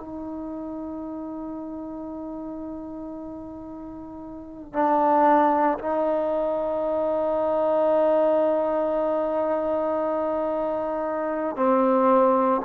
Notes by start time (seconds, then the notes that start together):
0.00 D#4
4.74 D4
5.79 D#4
11.57 C4